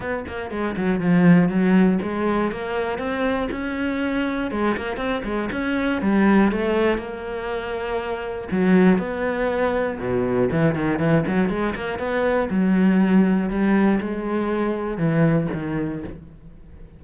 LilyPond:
\new Staff \with { instrumentName = "cello" } { \time 4/4 \tempo 4 = 120 b8 ais8 gis8 fis8 f4 fis4 | gis4 ais4 c'4 cis'4~ | cis'4 gis8 ais8 c'8 gis8 cis'4 | g4 a4 ais2~ |
ais4 fis4 b2 | b,4 e8 dis8 e8 fis8 gis8 ais8 | b4 fis2 g4 | gis2 e4 dis4 | }